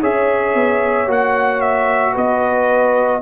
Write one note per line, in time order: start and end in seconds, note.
0.00 0.54 C#4
0.00 1.07 G#4
0.00 2.12 C#5
0.00 1.10 E5
0.54 1.07 B3
1.07 2.14 A#3
1.07 3.21 F#4
1.07 1.61 F#5
1.61 2.14 E5
2.12 3.22 B3
2.12 3.20 B4
2.12 3.22 D#5